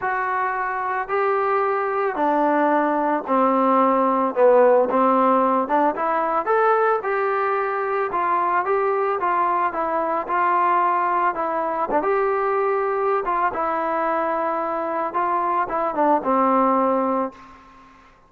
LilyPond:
\new Staff \with { instrumentName = "trombone" } { \time 4/4 \tempo 4 = 111 fis'2 g'2 | d'2 c'2 | b4 c'4. d'8 e'4 | a'4 g'2 f'4 |
g'4 f'4 e'4 f'4~ | f'4 e'4 d'16 g'4.~ g'16~ | g'8 f'8 e'2. | f'4 e'8 d'8 c'2 | }